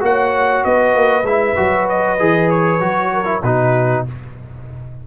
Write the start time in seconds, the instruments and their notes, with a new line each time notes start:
0.00 tuba A#3, trombone F#4, horn C#5, trumpet F#5
0.64 tuba B3, horn B4, trumpet D#5
0.95 tuba A#3
1.23 tuba G#3, trombone E4, trumpet E5
1.56 tuba F#3, trombone F#4
1.89 trumpet D#5
2.19 tuba E3, trombone G#4
2.50 trumpet C#5
2.80 tuba F#3, trombone F#4
3.13 horn A#4
3.25 trombone E4
3.43 tuba B2, trombone D#4, horn F#4, trumpet B4